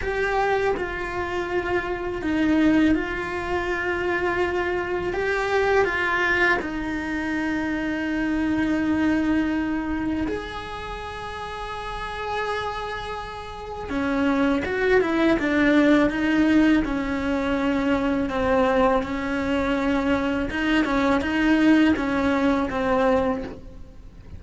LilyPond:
\new Staff \with { instrumentName = "cello" } { \time 4/4 \tempo 4 = 82 g'4 f'2 dis'4 | f'2. g'4 | f'4 dis'2.~ | dis'2 gis'2~ |
gis'2. cis'4 | fis'8 e'8 d'4 dis'4 cis'4~ | cis'4 c'4 cis'2 | dis'8 cis'8 dis'4 cis'4 c'4 | }